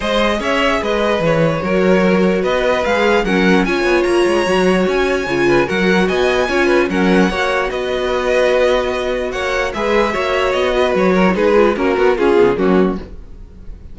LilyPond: <<
  \new Staff \with { instrumentName = "violin" } { \time 4/4 \tempo 4 = 148 dis''4 e''4 dis''4 cis''4~ | cis''2 dis''4 f''4 | fis''4 gis''4 ais''2 | gis''2 fis''4 gis''4~ |
gis''4 fis''2 dis''4~ | dis''2. fis''4 | e''2 dis''4 cis''4 | b'4 ais'4 gis'4 fis'4 | }
  \new Staff \with { instrumentName = "violin" } { \time 4/4 c''4 cis''4 b'2 | ais'2 b'2 | ais'4 cis''2.~ | cis''4. b'8 ais'4 dis''4 |
cis''8 b'8 ais'4 cis''4 b'4~ | b'2. cis''4 | b'4 cis''4. b'4 ais'8 | gis'4 cis'8 fis'8 f'4 cis'4 | }
  \new Staff \with { instrumentName = "viola" } { \time 4/4 gis'1 | fis'2. gis'4 | cis'4 f'2 fis'4~ | fis'4 f'4 fis'2 |
f'4 cis'4 fis'2~ | fis'1 | gis'4 fis'2~ fis'8. e'16 | dis'8 f'8 fis'4 cis'8 b8 ais4 | }
  \new Staff \with { instrumentName = "cello" } { \time 4/4 gis4 cis'4 gis4 e4 | fis2 b4 gis4 | fis4 cis'8 b8 ais8 gis8 fis4 | cis'4 cis4 fis4 b4 |
cis'4 fis4 ais4 b4~ | b2. ais4 | gis4 ais4 b4 fis4 | gis4 ais8 b8 cis'8 cis8 fis4 | }
>>